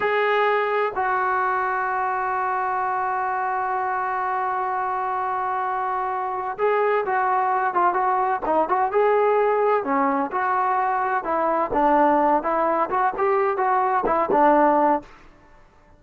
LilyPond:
\new Staff \with { instrumentName = "trombone" } { \time 4/4 \tempo 4 = 128 gis'2 fis'2~ | fis'1~ | fis'1~ | fis'2 gis'4 fis'4~ |
fis'8 f'8 fis'4 dis'8 fis'8 gis'4~ | gis'4 cis'4 fis'2 | e'4 d'4. e'4 fis'8 | g'4 fis'4 e'8 d'4. | }